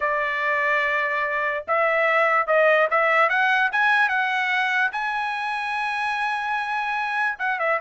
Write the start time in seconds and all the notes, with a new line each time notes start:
0.00 D5
1.67 E5
2.47 D#5
2.90 E5
3.29 F#5
3.72 G#5
4.09 F#5
4.92 G#5
7.39 F#5
7.59 E5